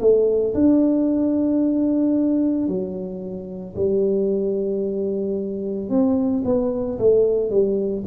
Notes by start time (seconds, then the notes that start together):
0.00 A3
0.54 D4
2.67 F#3
3.75 G3
5.89 C4
6.44 B3
6.98 A3
7.50 G3